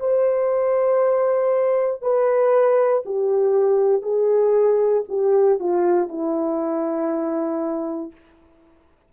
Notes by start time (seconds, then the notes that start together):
0.00 C5
2.02 B4
3.06 G4
4.02 G#4
5.08 G4
5.59 F4
6.08 E4